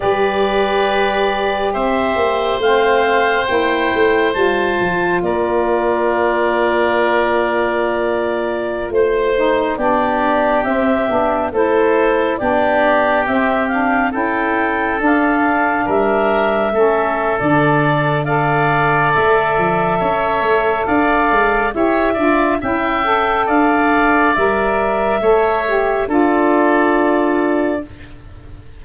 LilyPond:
<<
  \new Staff \with { instrumentName = "clarinet" } { \time 4/4 \tempo 4 = 69 d''2 e''4 f''4 | g''4 a''4 d''2~ | d''2~ d''16 c''4 d''8.~ | d''16 e''4 c''4 d''4 e''8 f''16~ |
f''16 g''4 f''4 e''4.~ e''16 | d''4 f''4 e''2 | f''4 e''4 g''4 f''4 | e''2 d''2 | }
  \new Staff \with { instrumentName = "oboe" } { \time 4/4 b'2 c''2~ | c''2 ais'2~ | ais'2~ ais'16 c''4 g'8.~ | g'4~ g'16 a'4 g'4.~ g'16~ |
g'16 a'2 ais'4 a'8.~ | a'4 d''2 cis''4 | d''4 cis''8 d''8 e''4 d''4~ | d''4 cis''4 a'2 | }
  \new Staff \with { instrumentName = "saxophone" } { \time 4/4 g'2. c'4 | e'4 f'2.~ | f'2~ f'8. dis'8 d'8.~ | d'16 c'8 d'8 e'4 d'4 c'8 d'16~ |
d'16 e'4 d'2 cis'8. | d'4 a'2.~ | a'4 g'8 f'8 e'8 a'4. | ais'4 a'8 g'8 f'2 | }
  \new Staff \with { instrumentName = "tuba" } { \time 4/4 g2 c'8 ais8 a4 | ais8 a8 g8 f8 ais2~ | ais2~ ais16 a4 b8.~ | b16 c'8 b8 a4 b4 c'8.~ |
c'16 cis'4 d'4 g4 a8. | d2 a8 f8 cis'8 a8 | d'8 gis8 e'8 d'8 cis'4 d'4 | g4 a4 d'2 | }
>>